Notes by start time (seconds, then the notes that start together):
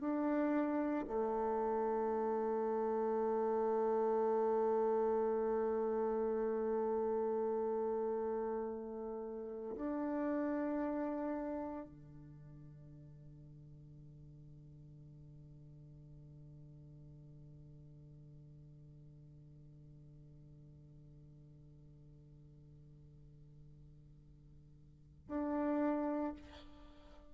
0.00 D4
1.07 A3
9.76 D4
11.86 D3
25.28 D4